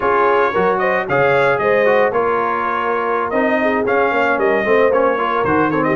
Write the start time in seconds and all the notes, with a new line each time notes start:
0.00 C#4 F4 G#4 C#5
0.51 F#3 F#4 A#4
0.78 C5 D#5
1.07 C#3 G#4 C#5 F5
1.58 G#3 C5 D#5
1.85 F#4
2.11 A#3 F4 A#4 C#5
3.30 C4 D#4 D#5
3.61 G#4
3.84 C#4 F5
4.11 A#3 C#5
4.38 G3 A#4 D#5
4.64 A3 C4 C5
4.90 A#3 C#4 C#5
5.17 F4 A#4
5.43 D#3 F#4 C5
5.69 C4 A4 C#5
5.83 G4 D#5